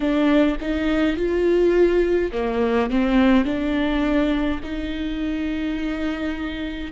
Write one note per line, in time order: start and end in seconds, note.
0.00 0.57 D4
0.60 1.16 D#4
1.16 2.31 F4
2.32 2.90 A#3
2.90 3.45 C4
3.45 4.60 D4
4.63 6.91 D#4